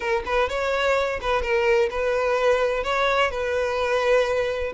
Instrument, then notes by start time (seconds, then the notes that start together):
violin
0.00 A#4
0.25 B4
0.49 C#5
1.21 B4
1.42 A#4
1.90 B4
2.83 C#5
3.30 B4